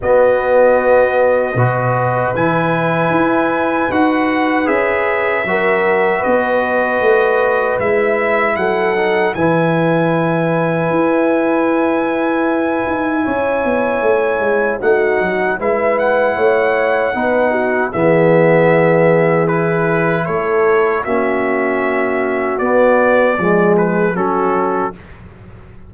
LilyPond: <<
  \new Staff \with { instrumentName = "trumpet" } { \time 4/4 \tempo 4 = 77 dis''2. gis''4~ | gis''4 fis''4 e''2 | dis''2 e''4 fis''4 | gis''1~ |
gis''2. fis''4 | e''8 fis''2~ fis''8 e''4~ | e''4 b'4 cis''4 e''4~ | e''4 d''4. b'8 a'4 | }
  \new Staff \with { instrumentName = "horn" } { \time 4/4 fis'2 b'2~ | b'2. ais'4 | b'2. a'4 | b'1~ |
b'4 cis''2 fis'4 | b'4 cis''4 b'8 fis'8 gis'4~ | gis'2 a'4 fis'4~ | fis'2 gis'4 fis'4 | }
  \new Staff \with { instrumentName = "trombone" } { \time 4/4 b2 fis'4 e'4~ | e'4 fis'4 gis'4 fis'4~ | fis'2 e'4. dis'8 | e'1~ |
e'2. dis'4 | e'2 dis'4 b4~ | b4 e'2 cis'4~ | cis'4 b4 gis4 cis'4 | }
  \new Staff \with { instrumentName = "tuba" } { \time 4/4 b2 b,4 e4 | e'4 dis'4 cis'4 fis4 | b4 a4 gis4 fis4 | e2 e'2~ |
e'8 dis'8 cis'8 b8 a8 gis8 a8 fis8 | gis4 a4 b4 e4~ | e2 a4 ais4~ | ais4 b4 f4 fis4 | }
>>